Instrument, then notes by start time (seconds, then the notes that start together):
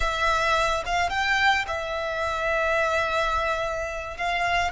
violin
0.00 E5
0.85 F5
1.09 G5
1.67 E5
4.17 F5